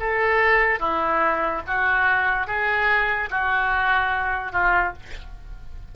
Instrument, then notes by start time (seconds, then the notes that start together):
oboe
0.00 A4
0.80 E4
1.67 F#4
2.47 G#4
3.30 F#4
4.52 F4